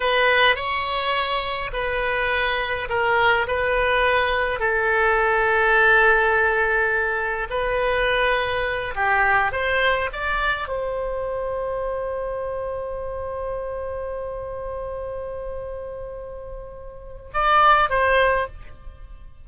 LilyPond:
\new Staff \with { instrumentName = "oboe" } { \time 4/4 \tempo 4 = 104 b'4 cis''2 b'4~ | b'4 ais'4 b'2 | a'1~ | a'4 b'2~ b'8 g'8~ |
g'8 c''4 d''4 c''4.~ | c''1~ | c''1~ | c''2 d''4 c''4 | }